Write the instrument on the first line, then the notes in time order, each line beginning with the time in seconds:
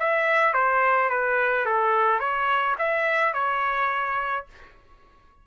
trumpet
0.00 E5
0.54 C5
1.10 B4
1.66 A4
2.20 C#5
2.79 E5
3.34 C#5